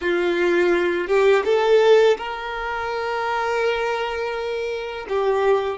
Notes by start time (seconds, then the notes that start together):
0.01 F4
1.07 G4
1.45 A4
2.17 A#4
5.09 G4